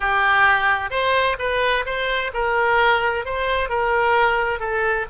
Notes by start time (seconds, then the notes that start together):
0.00 G4
0.90 C5
1.38 B4
1.85 C5
2.33 A#4
3.25 C5
3.69 A#4
4.59 A4